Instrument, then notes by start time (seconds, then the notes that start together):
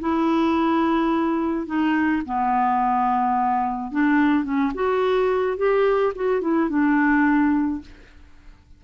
clarinet
0.00 E4
1.66 D#4
2.26 B3
3.91 D4
4.44 C#4
4.74 F#4
5.57 G4
6.15 F#4
6.41 E4
6.69 D4